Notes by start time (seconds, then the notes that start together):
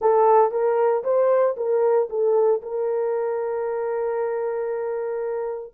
0.01 A4
0.51 A#4
1.03 C5
1.57 A#4
2.09 A4
2.62 A#4